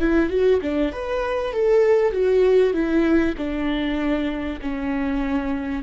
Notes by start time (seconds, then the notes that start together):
0.00 E4
0.30 F#4
0.62 D4
0.92 B4
1.53 A4
2.12 F#4
2.73 E4
3.37 D4
4.61 C#4